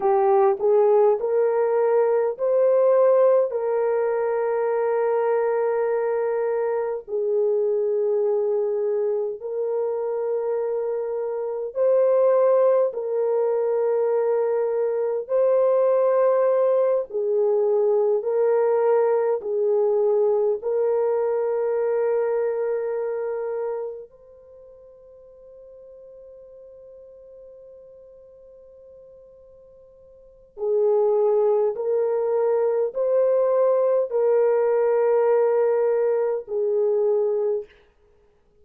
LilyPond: \new Staff \with { instrumentName = "horn" } { \time 4/4 \tempo 4 = 51 g'8 gis'8 ais'4 c''4 ais'4~ | ais'2 gis'2 | ais'2 c''4 ais'4~ | ais'4 c''4. gis'4 ais'8~ |
ais'8 gis'4 ais'2~ ais'8~ | ais'8 c''2.~ c''8~ | c''2 gis'4 ais'4 | c''4 ais'2 gis'4 | }